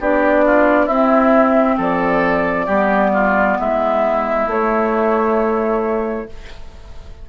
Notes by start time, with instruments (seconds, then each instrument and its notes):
0.00 bassoon B3, clarinet D4, oboe G4, flute D5
0.46 oboe F4
0.86 bassoon C4, clarinet C4, oboe E4, flute E5
1.77 bassoon F3, oboe A4, flute D5
2.66 bassoon G3, clarinet B3, oboe G4
3.13 oboe F4
3.59 bassoon G#3, oboe E4, flute E5
4.47 bassoon A3, clarinet A3, flute C#5